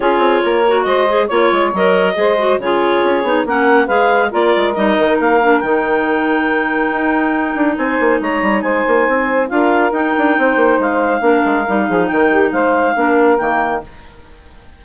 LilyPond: <<
  \new Staff \with { instrumentName = "clarinet" } { \time 4/4 \tempo 4 = 139 cis''2 dis''4 cis''4 | dis''2 cis''2 | fis''4 f''4 d''4 dis''4 | f''4 g''2.~ |
g''2 gis''4 ais''4 | gis''2 f''4 g''4~ | g''4 f''2. | g''4 f''2 g''4 | }
  \new Staff \with { instrumentName = "saxophone" } { \time 4/4 gis'4 ais'4 c''4 cis''4~ | cis''4 c''4 gis'2 | ais'4 b'4 ais'2~ | ais'1~ |
ais'2 c''4 cis''4 | c''2 ais'2 | c''2 ais'4. gis'8 | ais'8 g'8 c''4 ais'2 | }
  \new Staff \with { instrumentName = "clarinet" } { \time 4/4 f'4. fis'4 gis'8 f'4 | ais'4 gis'8 fis'8 f'4. dis'8 | cis'4 gis'4 f'4 dis'4~ | dis'8 d'8 dis'2.~ |
dis'1~ | dis'2 f'4 dis'4~ | dis'2 d'4 dis'4~ | dis'2 d'4 ais4 | }
  \new Staff \with { instrumentName = "bassoon" } { \time 4/4 cis'8 c'8 ais4 gis4 ais8 gis8 | fis4 gis4 cis4 cis'8 b8 | ais4 gis4 ais8 gis8 g8 dis8 | ais4 dis2. |
dis'4. d'8 c'8 ais8 gis8 g8 | gis8 ais8 c'4 d'4 dis'8 d'8 | c'8 ais8 gis4 ais8 gis8 g8 f8 | dis4 gis4 ais4 dis4 | }
>>